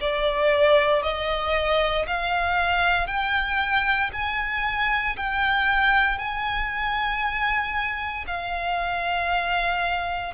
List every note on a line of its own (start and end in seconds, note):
0.00 1.02 D5
1.02 2.05 D#5
2.06 3.07 F5
3.07 4.10 G5
4.12 5.16 G#5
5.16 6.18 G5
6.18 8.25 G#5
8.27 10.34 F5